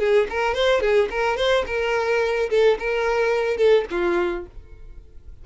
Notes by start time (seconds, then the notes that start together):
0.00 G#4
0.30 A#4
0.55 C5
0.81 G#4
1.11 A#4
1.37 C5
1.67 A#4
2.51 A4
2.80 A#4
3.58 A4
3.91 F4